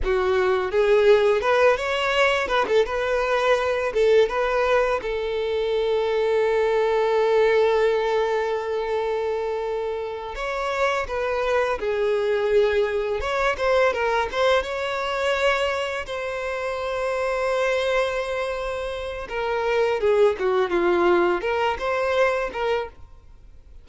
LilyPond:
\new Staff \with { instrumentName = "violin" } { \time 4/4 \tempo 4 = 84 fis'4 gis'4 b'8 cis''4 b'16 a'16 | b'4. a'8 b'4 a'4~ | a'1~ | a'2~ a'8 cis''4 b'8~ |
b'8 gis'2 cis''8 c''8 ais'8 | c''8 cis''2 c''4.~ | c''2. ais'4 | gis'8 fis'8 f'4 ais'8 c''4 ais'8 | }